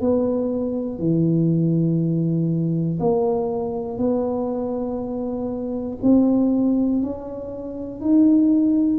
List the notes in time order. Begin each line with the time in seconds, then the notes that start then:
0.00 B3
0.98 E3
2.99 A#3
3.98 B3
6.02 C4
7.02 C#4
8.00 D#4